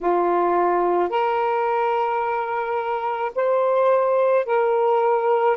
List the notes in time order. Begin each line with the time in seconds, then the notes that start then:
0.01 F4
1.09 A#4
3.35 C5
4.45 A#4